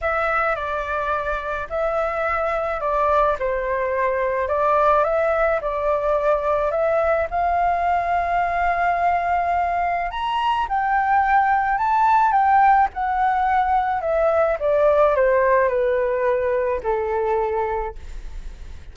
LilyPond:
\new Staff \with { instrumentName = "flute" } { \time 4/4 \tempo 4 = 107 e''4 d''2 e''4~ | e''4 d''4 c''2 | d''4 e''4 d''2 | e''4 f''2.~ |
f''2 ais''4 g''4~ | g''4 a''4 g''4 fis''4~ | fis''4 e''4 d''4 c''4 | b'2 a'2 | }